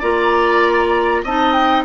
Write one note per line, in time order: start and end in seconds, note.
0.00 1.24 A#3
0.00 1.25 F4
0.00 1.22 D5
0.00 1.25 A#5
1.24 1.85 C4
1.24 1.85 D#4
1.24 1.85 D#5
1.24 1.53 A5
1.53 1.84 G5